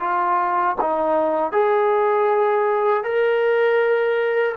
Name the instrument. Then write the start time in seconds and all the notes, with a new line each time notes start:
trombone
0.00 F4
0.81 D#4
1.52 G#4
3.03 A#4